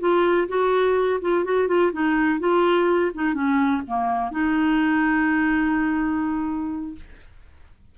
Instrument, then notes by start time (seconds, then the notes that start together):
clarinet
0.00 F4
0.48 F#4
1.22 F4
1.45 F#4
1.68 F4
1.93 D#4
2.40 F4
3.15 D#4
3.34 C#4
3.87 A#3
4.31 D#4